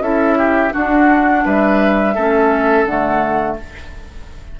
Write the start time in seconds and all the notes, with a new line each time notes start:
0.00 C#4 E4 A4 E5
0.38 G4
0.71 D4 F#4 F#5
1.45 G3 B4 E5
2.15 A3 C#4 A4
2.85 D3 A3 F#5